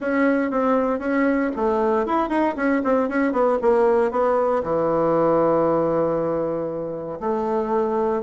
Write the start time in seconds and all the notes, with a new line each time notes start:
0.00 C#4
0.50 C4
0.99 C#4
1.55 A3
2.05 E4
2.29 D#4
2.56 C#4
2.84 C4
3.09 C#4
3.32 B3
3.61 A#3
4.11 B3
4.63 E3
7.20 A3